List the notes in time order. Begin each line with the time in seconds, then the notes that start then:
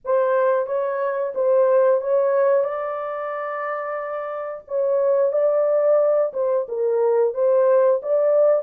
0.05 C5
0.66 C#5
1.35 C5
2.01 C#5
2.63 D5
4.67 C#5
5.32 D5
6.33 C5
6.68 A#4
7.34 C5
8.02 D5